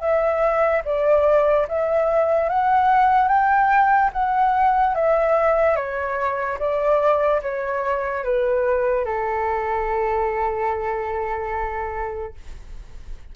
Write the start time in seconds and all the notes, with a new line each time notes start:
0.00 E5
0.85 D5
1.68 E5
2.49 F#5
3.28 G5
4.13 F#5
4.95 E5
5.76 C#5
6.59 D5
7.42 C#5
8.24 B4
9.05 A4